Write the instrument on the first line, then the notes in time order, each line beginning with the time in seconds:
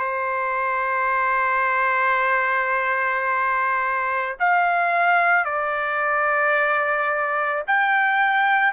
trumpet
0.00 C5
4.40 F5
5.45 D5
7.68 G5